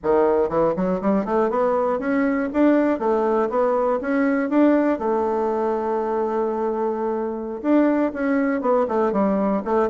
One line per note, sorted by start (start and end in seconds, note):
0.03 0.49 D#3
0.49 0.74 E3
0.75 1.00 F#3
1.01 1.25 G3
1.25 1.50 A3
1.50 1.99 B3
1.99 2.49 C#4
2.53 2.99 D4
2.99 3.49 A3
3.49 3.99 B3
4.01 4.49 C#4
4.49 4.98 D4
4.98 7.61 A3
7.62 8.12 D4
8.13 8.61 C#4
8.61 8.86 B3
8.88 9.12 A3
9.12 9.62 G3
9.64 9.89 A3